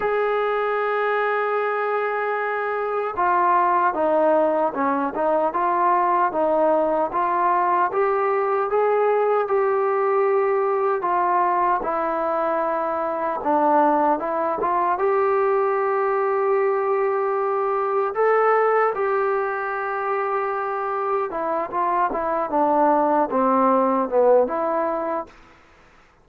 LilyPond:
\new Staff \with { instrumentName = "trombone" } { \time 4/4 \tempo 4 = 76 gis'1 | f'4 dis'4 cis'8 dis'8 f'4 | dis'4 f'4 g'4 gis'4 | g'2 f'4 e'4~ |
e'4 d'4 e'8 f'8 g'4~ | g'2. a'4 | g'2. e'8 f'8 | e'8 d'4 c'4 b8 e'4 | }